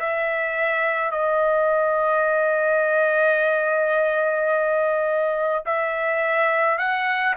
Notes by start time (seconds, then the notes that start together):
0.00 E5
1.12 D#5
5.66 E5
6.79 F#5